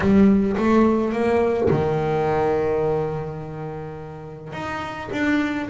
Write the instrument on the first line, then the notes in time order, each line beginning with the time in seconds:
double bass
0.00 G3
0.57 A3
1.12 A#3
1.70 D#3
4.53 D#4
5.12 D4